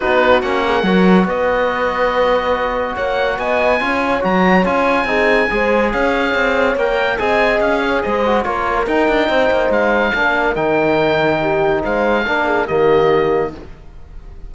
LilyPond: <<
  \new Staff \with { instrumentName = "oboe" } { \time 4/4 \tempo 4 = 142 b'4 fis''2 dis''4~ | dis''2. fis''4 | gis''2 ais''4 gis''4~ | gis''2 f''2 |
g''4 gis''4 f''4 dis''4 | cis''4 g''2 f''4~ | f''4 g''2. | f''2 dis''2 | }
  \new Staff \with { instrumentName = "horn" } { \time 4/4 fis'4. gis'8 ais'4 b'4~ | b'2. cis''4 | dis''4 cis''2. | gis'4 c''4 cis''2~ |
cis''4 dis''4. cis''8 c''4 | ais'2 c''2 | ais'2. g'4 | c''4 ais'8 gis'8 g'2 | }
  \new Staff \with { instrumentName = "trombone" } { \time 4/4 dis'4 cis'4 fis'2~ | fis'1~ | fis'4 f'4 fis'4 f'4 | dis'4 gis'2. |
ais'4 gis'2~ gis'8 fis'8 | f'4 dis'2. | d'4 dis'2.~ | dis'4 d'4 ais2 | }
  \new Staff \with { instrumentName = "cello" } { \time 4/4 b4 ais4 fis4 b4~ | b2. ais4 | b4 cis'4 fis4 cis'4 | c'4 gis4 cis'4 c'4 |
ais4 c'4 cis'4 gis4 | ais4 dis'8 d'8 c'8 ais8 gis4 | ais4 dis2. | gis4 ais4 dis2 | }
>>